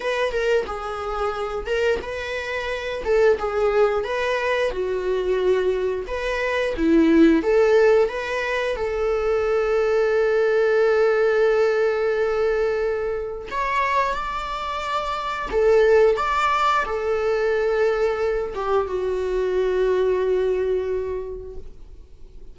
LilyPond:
\new Staff \with { instrumentName = "viola" } { \time 4/4 \tempo 4 = 89 b'8 ais'8 gis'4. ais'8 b'4~ | b'8 a'8 gis'4 b'4 fis'4~ | fis'4 b'4 e'4 a'4 | b'4 a'2.~ |
a'1 | cis''4 d''2 a'4 | d''4 a'2~ a'8 g'8 | fis'1 | }